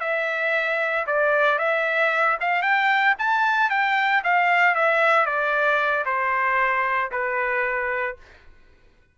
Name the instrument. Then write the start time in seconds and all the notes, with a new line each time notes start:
trumpet
0.00 E5
1.06 D5
1.58 E5
2.40 F5
2.62 G5
3.18 A5
3.70 G5
4.23 F5
4.75 E5
5.25 D5
6.05 C5
7.11 B4